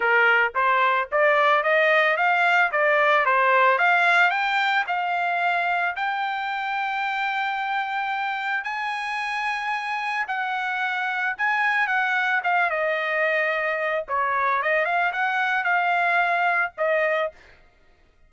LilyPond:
\new Staff \with { instrumentName = "trumpet" } { \time 4/4 \tempo 4 = 111 ais'4 c''4 d''4 dis''4 | f''4 d''4 c''4 f''4 | g''4 f''2 g''4~ | g''1 |
gis''2. fis''4~ | fis''4 gis''4 fis''4 f''8 dis''8~ | dis''2 cis''4 dis''8 f''8 | fis''4 f''2 dis''4 | }